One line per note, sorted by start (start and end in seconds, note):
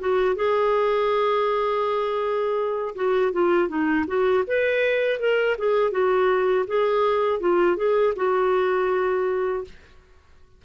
0.00 0.36 F#4
0.36 2.95 G#4
2.96 3.32 F#4
3.32 3.68 F4
3.68 4.06 D#4
4.07 4.44 F#4
4.47 5.20 B4
5.20 5.57 A#4
5.58 5.91 G#4
5.91 6.65 F#4
6.68 7.40 G#4
7.40 7.77 F4
7.77 8.14 G#4
8.16 9.65 F#4